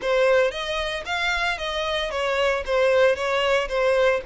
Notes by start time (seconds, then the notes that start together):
0.01 C5
0.51 D#5
1.05 F5
1.58 D#5
2.11 C#5
2.65 C5
3.15 C#5
3.68 C5